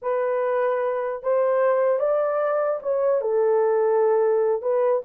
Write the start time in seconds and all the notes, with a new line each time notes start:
0.01 B4
1.23 C5
1.99 D5
2.82 C#5
3.21 A4
4.62 B4